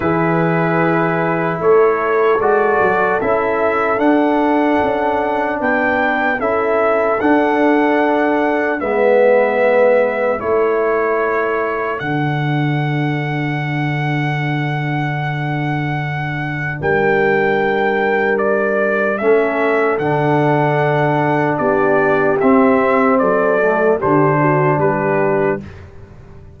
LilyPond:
<<
  \new Staff \with { instrumentName = "trumpet" } { \time 4/4 \tempo 4 = 75 b'2 cis''4 d''4 | e''4 fis''2 g''4 | e''4 fis''2 e''4~ | e''4 cis''2 fis''4~ |
fis''1~ | fis''4 g''2 d''4 | e''4 fis''2 d''4 | e''4 d''4 c''4 b'4 | }
  \new Staff \with { instrumentName = "horn" } { \time 4/4 gis'2 a'2~ | a'2. b'4 | a'2. b'4~ | b'4 a'2.~ |
a'1~ | a'4 ais'2. | a'2. g'4~ | g'4 a'4 g'8 fis'8 g'4 | }
  \new Staff \with { instrumentName = "trombone" } { \time 4/4 e'2. fis'4 | e'4 d'2. | e'4 d'2 b4~ | b4 e'2 d'4~ |
d'1~ | d'1 | cis'4 d'2. | c'4. a8 d'2 | }
  \new Staff \with { instrumentName = "tuba" } { \time 4/4 e2 a4 gis8 fis8 | cis'4 d'4 cis'4 b4 | cis'4 d'2 gis4~ | gis4 a2 d4~ |
d1~ | d4 g2. | a4 d2 b4 | c'4 fis4 d4 g4 | }
>>